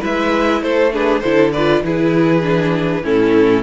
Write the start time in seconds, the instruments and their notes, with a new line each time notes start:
0.00 cello G#3, viola E4, violin B4 E5
0.62 cello A3, violin A4 C5
0.92 viola D4, violin G#4 B4
1.19 cello D3, viola E4, violin A4 C5
1.52 viola F4, violin B4 D5
1.82 cello E3, viola E4, violin G#4 B4
2.42 viola D4
3.03 cello A2, viola C#4, violin E4 A4